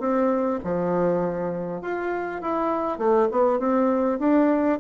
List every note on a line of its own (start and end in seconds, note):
0.00 0.60 C4
0.64 1.82 F3
1.82 2.42 F4
2.42 2.99 E4
2.99 3.29 A3
3.32 3.59 B3
3.59 4.19 C4
4.19 4.79 D4